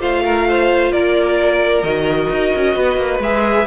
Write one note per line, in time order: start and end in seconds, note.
0.00 0.93 A3
0.00 1.83 F4
0.00 0.24 C5
0.00 0.93 F5
0.25 0.48 A#4
0.49 0.93 C5
0.93 1.83 A#3
0.93 2.76 A#4
0.93 1.84 D5
1.83 2.29 D#3
1.83 3.21 F#4
1.83 3.21 D#5
2.30 2.53 D#4
2.56 2.76 C#4
2.76 2.97 B3
2.76 3.67 B4
2.97 3.19 A#3
3.19 3.65 G#3
3.19 3.67 G#4
3.19 3.67 E5